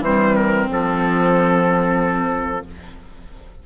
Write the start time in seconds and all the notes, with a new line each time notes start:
0.00 E3 G3 C4 C5
0.35 A#4
0.70 F3 A4